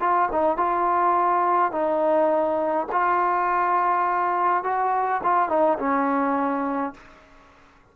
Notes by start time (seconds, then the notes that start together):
0.00 F4
0.31 D#4
0.57 F4
1.72 D#4
2.92 F4
4.64 F#4
5.23 F4
5.49 D#4
5.78 C#4